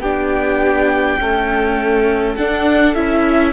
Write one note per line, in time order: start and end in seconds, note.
0.00 1.18 B3
0.00 1.21 D4
0.00 1.20 G4
0.00 2.36 G5
1.19 2.39 A3
1.19 2.37 C#4
1.19 3.53 A4
2.36 2.95 D4
2.36 2.96 D4
2.36 2.95 F#5
2.95 3.53 C#4
2.95 3.53 E4
2.95 3.53 E5